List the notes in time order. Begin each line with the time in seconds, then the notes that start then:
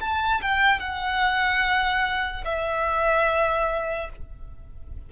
0.00 A5
0.41 G5
0.79 F#5
2.44 E5